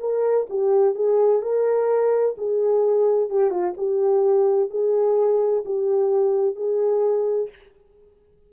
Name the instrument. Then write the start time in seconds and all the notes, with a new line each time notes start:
horn
0.00 A#4
0.50 G4
0.95 G#4
1.42 A#4
2.37 G#4
3.30 G4
3.50 F4
3.78 G4
4.70 G#4
5.65 G4
6.56 G#4